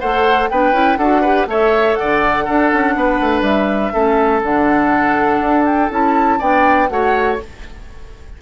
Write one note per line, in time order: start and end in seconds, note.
0.00 0.51 A3
0.00 0.51 A4
0.00 0.49 C5
0.00 0.49 F#5
0.49 0.72 B3
0.49 0.73 D4
0.49 0.99 B4
0.49 0.97 G5
0.72 0.97 C#4
0.72 0.98 E4
0.97 1.47 D4
0.97 1.24 F#4
0.97 1.22 A4
0.97 1.47 F#5
1.22 1.48 G4
1.22 1.46 B4
1.47 1.96 A3
1.47 2.46 A4
1.47 1.99 C#5
1.47 1.95 E5
1.95 2.45 D5
1.95 3.43 F#5
2.02 2.48 D3
2.45 3.93 D4
2.45 2.73 D4
2.45 2.94 A4
2.73 2.96 C#4
2.96 3.20 B3
2.96 3.94 B4
3.21 3.41 A3
3.41 3.90 G3
3.41 4.41 E5
3.93 4.43 A3
3.93 4.42 C#4
3.93 6.39 A4
4.43 5.41 D3
4.43 5.91 D4
4.43 5.66 F#5
5.41 5.90 D4
5.66 5.90 G5
5.91 6.40 C#4
5.91 6.40 E4
5.91 6.41 A5
6.39 6.90 B3
6.39 6.89 D4
6.39 6.88 D5
6.39 6.90 G5
6.89 7.39 A3
6.89 7.39 F#4
6.89 7.42 C#5
6.89 7.39 F#5